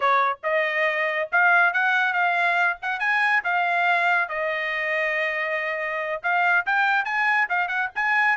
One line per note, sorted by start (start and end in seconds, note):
0.00 0.38 C#5
0.43 1.29 D#5
1.32 1.73 F5
1.73 2.13 F#5
2.13 2.77 F5
2.81 2.99 F#5
2.99 3.42 G#5
3.44 4.29 F5
4.29 6.21 D#5
6.22 6.65 F5
6.66 7.04 G5
7.04 7.47 G#5
7.49 7.68 F5
7.68 7.89 F#5
7.95 8.37 G#5